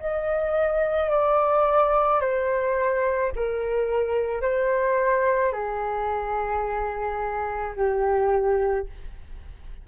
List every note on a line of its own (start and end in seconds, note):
0.00 1.11 D#5
1.11 2.21 D5
2.21 3.32 C5
3.36 4.42 A#4
4.42 5.53 C5
5.53 7.75 G#4
7.76 8.87 G4